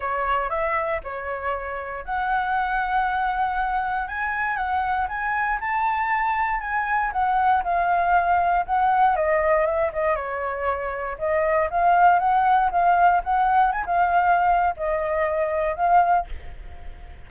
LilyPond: \new Staff \with { instrumentName = "flute" } { \time 4/4 \tempo 4 = 118 cis''4 e''4 cis''2 | fis''1 | gis''4 fis''4 gis''4 a''4~ | a''4 gis''4 fis''4 f''4~ |
f''4 fis''4 dis''4 e''8 dis''8 | cis''2 dis''4 f''4 | fis''4 f''4 fis''4 gis''16 f''8.~ | f''4 dis''2 f''4 | }